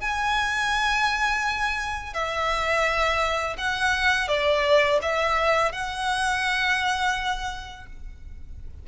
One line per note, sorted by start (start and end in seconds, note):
0.00 2.13 G#5
2.13 3.56 E5
3.57 4.28 F#5
4.28 4.99 D5
5.02 5.72 E5
5.72 7.86 F#5